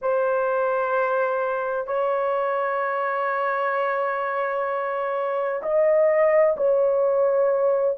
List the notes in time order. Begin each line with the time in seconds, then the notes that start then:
0.01 C5
1.86 C#5
5.62 D#5
6.56 C#5